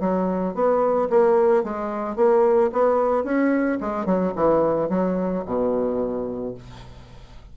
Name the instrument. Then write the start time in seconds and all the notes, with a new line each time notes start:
bassoon
0.00 F#3
0.54 B3
1.10 A#3
1.64 G#3
2.16 A#3
2.72 B3
3.24 C#4
3.80 G#3
4.06 F#3
4.36 E3
4.89 F#3
5.45 B2